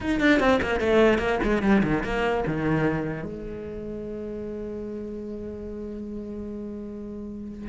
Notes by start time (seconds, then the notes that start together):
0.00 D#4
0.20 D4
0.39 C4
0.62 A#3
0.80 A3
1.18 A#3
1.43 G#3
1.62 G3
1.83 D#3
2.03 A#3
2.46 D#3
3.23 G#3